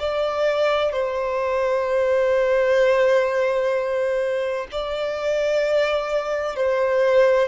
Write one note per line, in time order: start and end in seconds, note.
0.00 0.93 D5
0.93 4.67 C5
4.72 6.57 D5
6.57 7.49 C5